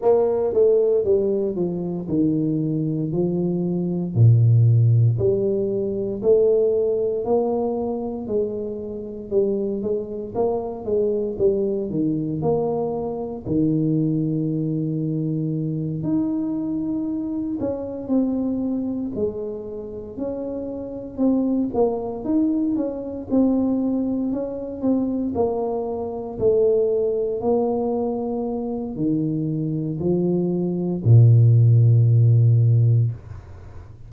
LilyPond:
\new Staff \with { instrumentName = "tuba" } { \time 4/4 \tempo 4 = 58 ais8 a8 g8 f8 dis4 f4 | ais,4 g4 a4 ais4 | gis4 g8 gis8 ais8 gis8 g8 dis8 | ais4 dis2~ dis8 dis'8~ |
dis'4 cis'8 c'4 gis4 cis'8~ | cis'8 c'8 ais8 dis'8 cis'8 c'4 cis'8 | c'8 ais4 a4 ais4. | dis4 f4 ais,2 | }